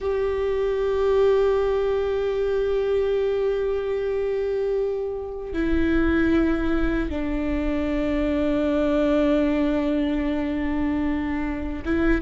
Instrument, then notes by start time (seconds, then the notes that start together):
viola
0.00 G4
5.53 E4
7.09 D4
11.85 E4